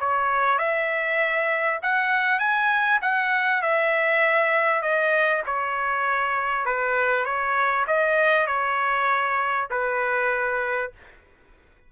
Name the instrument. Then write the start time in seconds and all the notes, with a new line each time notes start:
trumpet
0.00 C#5
0.59 E5
1.83 F#5
2.39 G#5
3.02 F#5
3.62 E5
4.82 D#5
5.46 C#5
6.66 B4
7.25 C#5
7.87 D#5
8.47 C#5
9.71 B4